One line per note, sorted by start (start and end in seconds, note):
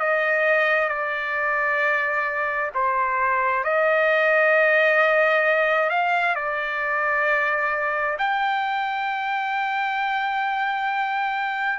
0.00 0.89 D#5
0.89 2.71 D5
2.75 3.64 C5
3.64 5.90 D#5
5.90 6.35 F5
6.36 8.17 D5
8.18 11.79 G5